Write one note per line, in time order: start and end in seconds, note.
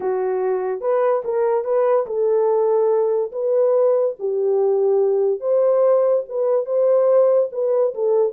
0.00 0.80 F#4
0.80 1.22 B4
1.24 1.64 A#4
1.64 2.05 B4
2.06 3.31 A4
3.32 4.15 B4
4.19 5.40 G4
5.40 6.23 C5
6.28 6.65 B4
6.65 7.49 C5
7.52 7.93 B4
7.94 8.33 A4